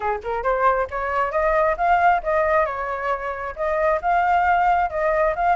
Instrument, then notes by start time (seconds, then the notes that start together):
flute
0.00 G#4
0.23 A#4
0.43 C5
0.90 C#5
1.31 D#5
1.77 F5
2.23 D#5
2.65 C#5
3.56 D#5
4.01 F5
4.89 D#5
5.35 F5